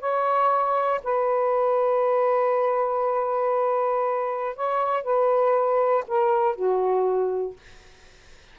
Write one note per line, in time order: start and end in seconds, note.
0.00 1.01 C#5
1.04 4.56 B4
4.56 5.04 C#5
5.04 6.05 B4
6.08 6.55 A#4
6.55 7.56 F#4